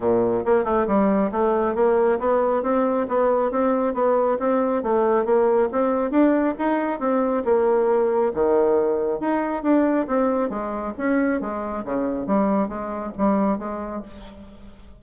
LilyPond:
\new Staff \with { instrumentName = "bassoon" } { \time 4/4 \tempo 4 = 137 ais,4 ais8 a8 g4 a4 | ais4 b4 c'4 b4 | c'4 b4 c'4 a4 | ais4 c'4 d'4 dis'4 |
c'4 ais2 dis4~ | dis4 dis'4 d'4 c'4 | gis4 cis'4 gis4 cis4 | g4 gis4 g4 gis4 | }